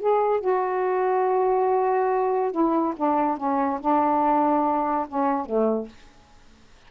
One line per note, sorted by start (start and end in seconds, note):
0.00 0.41 G#4
0.41 2.52 F#4
2.52 2.94 E4
2.97 3.38 D4
3.38 3.80 C#4
3.81 5.07 D4
5.08 5.46 C#4
5.46 5.88 A3